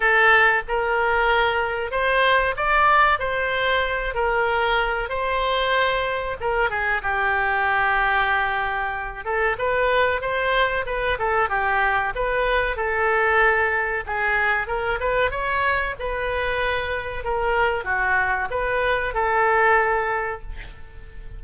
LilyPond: \new Staff \with { instrumentName = "oboe" } { \time 4/4 \tempo 4 = 94 a'4 ais'2 c''4 | d''4 c''4. ais'4. | c''2 ais'8 gis'8 g'4~ | g'2~ g'8 a'8 b'4 |
c''4 b'8 a'8 g'4 b'4 | a'2 gis'4 ais'8 b'8 | cis''4 b'2 ais'4 | fis'4 b'4 a'2 | }